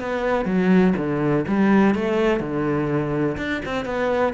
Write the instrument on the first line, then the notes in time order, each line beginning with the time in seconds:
cello
0.00 B3
0.45 F#3
0.97 D3
1.48 G3
1.95 A3
2.40 D3
3.37 D4
3.65 C4
3.85 B3